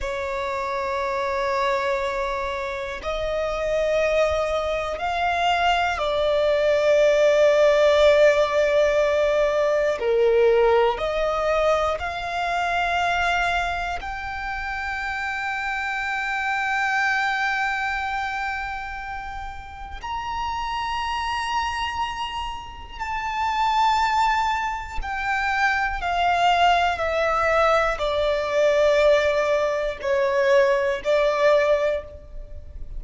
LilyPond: \new Staff \with { instrumentName = "violin" } { \time 4/4 \tempo 4 = 60 cis''2. dis''4~ | dis''4 f''4 d''2~ | d''2 ais'4 dis''4 | f''2 g''2~ |
g''1 | ais''2. a''4~ | a''4 g''4 f''4 e''4 | d''2 cis''4 d''4 | }